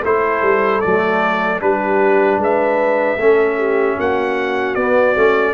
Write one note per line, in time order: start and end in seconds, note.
0.00 0.42 A3
0.00 0.83 E4
0.00 1.58 A4
0.00 0.81 C5
0.42 0.81 G3
0.81 1.61 F#3
0.81 1.60 A3
0.81 1.60 D5
1.60 2.37 G3
1.60 3.18 D4
1.60 2.40 G4
1.60 2.40 B4
2.37 3.16 G#3
2.37 3.18 B4
2.37 4.00 E5
3.17 3.96 A3
3.17 4.77 C#4
3.17 3.57 A4
3.57 3.95 G4
3.95 4.76 A#3
3.95 5.53 F#4
3.95 4.75 F#5
4.75 5.15 B3
4.75 5.54 D5
5.15 5.54 A3
5.15 5.54 C#4